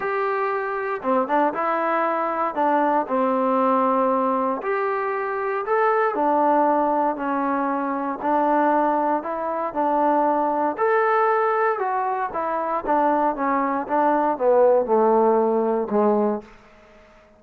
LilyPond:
\new Staff \with { instrumentName = "trombone" } { \time 4/4 \tempo 4 = 117 g'2 c'8 d'8 e'4~ | e'4 d'4 c'2~ | c'4 g'2 a'4 | d'2 cis'2 |
d'2 e'4 d'4~ | d'4 a'2 fis'4 | e'4 d'4 cis'4 d'4 | b4 a2 gis4 | }